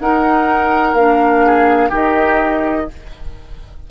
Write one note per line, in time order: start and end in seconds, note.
0.00 0.97 D#4
0.00 0.94 D#4
0.00 1.46 A#4
0.00 0.95 F#5
0.94 1.90 A#3
0.94 1.91 D4
0.94 1.91 F5
1.46 1.90 G#4
1.90 2.87 D#3
1.90 2.88 D#4
1.90 2.86 G4
1.90 2.91 D#5